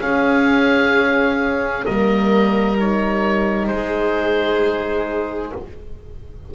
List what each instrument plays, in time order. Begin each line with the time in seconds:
0.00 horn C#4, double bass C#4, violin G#4, oboe F5
1.83 double bass G3, horn A#3, violin A#4, oboe D#5
2.77 horn D#4, oboe C#5
3.67 double bass G#3, violin G#4, oboe C5